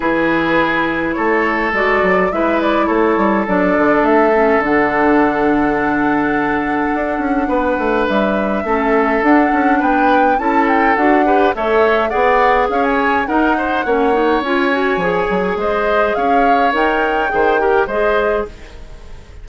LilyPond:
<<
  \new Staff \with { instrumentName = "flute" } { \time 4/4 \tempo 4 = 104 b'2 cis''4 d''4 | e''8 d''8 cis''4 d''4 e''4 | fis''1~ | fis''2 e''2 |
fis''4 g''4 a''8 g''8 fis''4 | e''4 fis''4 f''16 gis''8. fis''4~ | fis''4 gis''2 dis''4 | f''4 g''2 dis''4 | }
  \new Staff \with { instrumentName = "oboe" } { \time 4/4 gis'2 a'2 | b'4 a'2.~ | a'1~ | a'4 b'2 a'4~ |
a'4 b'4 a'4. b'8 | cis''4 d''4 cis''4 ais'8 c''8 | cis''2. c''4 | cis''2 c''8 ais'8 c''4 | }
  \new Staff \with { instrumentName = "clarinet" } { \time 4/4 e'2. fis'4 | e'2 d'4. cis'8 | d'1~ | d'2. cis'4 |
d'2 e'4 fis'8 g'8 | a'4 gis'2 dis'4 | cis'8 dis'8 f'8 fis'8 gis'2~ | gis'4 ais'4 gis'8 g'8 gis'4 | }
  \new Staff \with { instrumentName = "bassoon" } { \time 4/4 e2 a4 gis8 fis8 | gis4 a8 g8 fis8 d8 a4 | d1 | d'8 cis'8 b8 a8 g4 a4 |
d'8 cis'8 b4 cis'4 d'4 | a4 b4 cis'4 dis'4 | ais4 cis'4 f8 fis8 gis4 | cis'4 dis'4 dis4 gis4 | }
>>